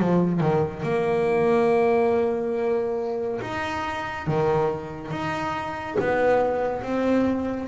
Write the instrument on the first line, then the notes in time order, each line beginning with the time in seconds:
double bass
0.00 F3
0.41 D#3
0.84 A#3
3.42 D#4
4.27 D#3
5.12 D#4
6.00 B3
6.83 C4